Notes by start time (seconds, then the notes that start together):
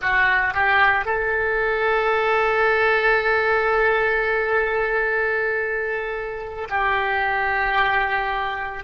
0.01 F#4
0.54 G4
1.05 A4
6.69 G4